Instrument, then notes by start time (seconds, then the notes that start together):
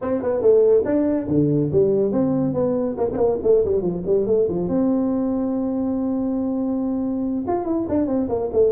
tuba
0.01 C4
0.22 B3
0.41 A3
0.85 D4
1.28 D3
1.72 G3
2.12 C4
2.53 B3
2.97 A#3
3.12 A#3 C4
3.43 A3
3.64 G3
3.81 F3
4.06 G3
4.26 A3
4.49 F3
4.68 C4
7.47 F4
7.65 E4
7.88 D4
8.07 C4
8.28 A#3
8.52 A3